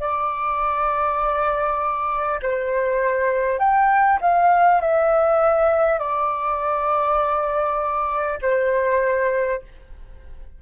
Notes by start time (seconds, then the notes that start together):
0.00 D5
2.42 C5
3.59 G5
4.22 F5
4.81 E5
5.99 D5
8.42 C5